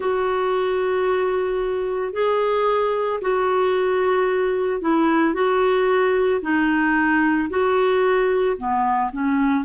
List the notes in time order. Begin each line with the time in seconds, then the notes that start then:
0.00 F#4
2.12 G#4
3.21 F#4
4.81 E4
5.33 F#4
6.41 D#4
7.50 F#4
8.57 B3
9.12 C#4